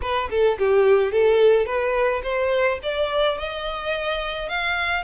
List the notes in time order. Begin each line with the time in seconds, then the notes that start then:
0.01 B4
0.30 A4
0.58 G4
1.12 A4
1.65 B4
2.23 C5
2.83 D5
3.38 D#5
4.49 F5